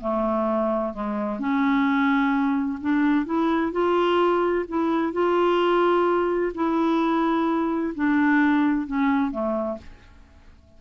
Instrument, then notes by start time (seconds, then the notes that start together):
clarinet
0.00 A3
0.93 G#3
1.39 C#4
2.80 D4
3.25 E4
3.72 F4
4.68 E4
5.13 F4
6.54 E4
7.95 D4
8.86 C#4
9.31 A3